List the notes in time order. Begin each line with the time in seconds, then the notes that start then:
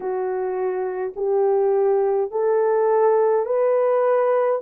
0.00 F#4
1.15 G4
2.31 A4
3.45 B4